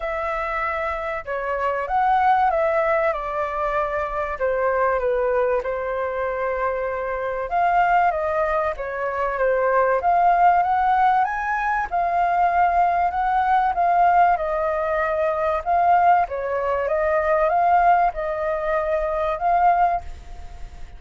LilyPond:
\new Staff \with { instrumentName = "flute" } { \time 4/4 \tempo 4 = 96 e''2 cis''4 fis''4 | e''4 d''2 c''4 | b'4 c''2. | f''4 dis''4 cis''4 c''4 |
f''4 fis''4 gis''4 f''4~ | f''4 fis''4 f''4 dis''4~ | dis''4 f''4 cis''4 dis''4 | f''4 dis''2 f''4 | }